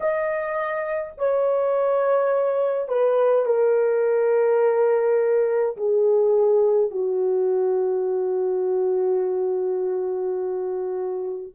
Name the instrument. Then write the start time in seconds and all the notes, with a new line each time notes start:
horn
0.00 D#5
1.17 C#5
2.88 B4
3.45 A#4
5.76 G#4
6.90 F#4